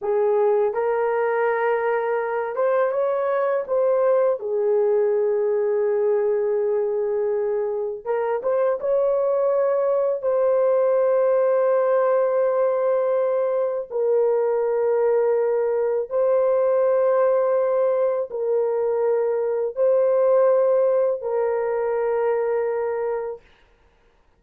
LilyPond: \new Staff \with { instrumentName = "horn" } { \time 4/4 \tempo 4 = 82 gis'4 ais'2~ ais'8 c''8 | cis''4 c''4 gis'2~ | gis'2. ais'8 c''8 | cis''2 c''2~ |
c''2. ais'4~ | ais'2 c''2~ | c''4 ais'2 c''4~ | c''4 ais'2. | }